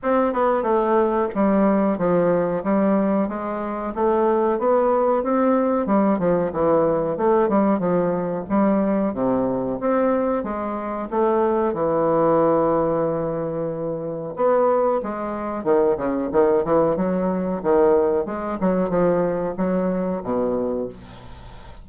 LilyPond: \new Staff \with { instrumentName = "bassoon" } { \time 4/4 \tempo 4 = 92 c'8 b8 a4 g4 f4 | g4 gis4 a4 b4 | c'4 g8 f8 e4 a8 g8 | f4 g4 c4 c'4 |
gis4 a4 e2~ | e2 b4 gis4 | dis8 cis8 dis8 e8 fis4 dis4 | gis8 fis8 f4 fis4 b,4 | }